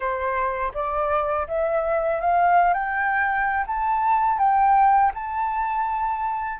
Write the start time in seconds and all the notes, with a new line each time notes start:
0.00 C5
0.74 D5
1.47 E5
2.20 F5
2.73 G5
3.67 A5
4.38 G5
5.14 A5